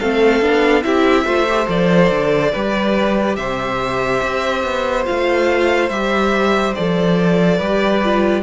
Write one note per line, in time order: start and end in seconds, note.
0.00 0.42 A3
0.00 0.42 C4
0.00 0.85 A4
0.00 0.83 F5
0.42 0.84 B3
0.42 0.83 D4
0.83 1.26 C4
0.83 1.26 E4
0.83 1.26 G4
0.83 1.68 E5
1.26 1.68 A3
1.26 1.47 F4
1.26 2.52 C5
1.49 1.67 G4
1.67 2.11 F3
1.67 2.51 A4
1.67 3.36 D5
2.11 2.53 D3
2.53 3.38 G3
2.53 5.05 G4
2.53 3.37 B4
3.36 4.23 C3
3.36 7.58 C5
3.36 5.05 E5
4.23 4.64 C4
4.64 5.07 B3
5.05 5.90 A3
5.05 5.90 F4
5.05 5.90 F5
5.90 6.74 G3
5.90 6.77 G4
5.90 6.74 E5
6.75 7.61 F3
6.75 7.61 A4
6.75 8.44 D5
7.58 8.44 G3
7.58 8.03 G4
7.58 8.42 B4
8.05 8.44 F4